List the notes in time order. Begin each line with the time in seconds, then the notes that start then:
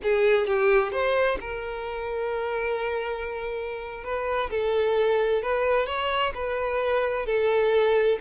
0.02 G#4
0.47 G4
0.91 C5
1.40 A#4
4.04 B4
4.50 A4
5.42 B4
5.86 C#5
6.34 B4
7.26 A4